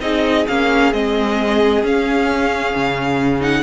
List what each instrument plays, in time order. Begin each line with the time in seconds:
0.00 cello C4, viola D#4, violin G#4 D#5
0.48 cello A#3, viola C#4, violin F5
0.93 cello G#3, viola C4, violin D#5
1.83 cello C#4, viola C#4, violin F5
2.75 cello C#3
3.40 viola D#4, violin F#5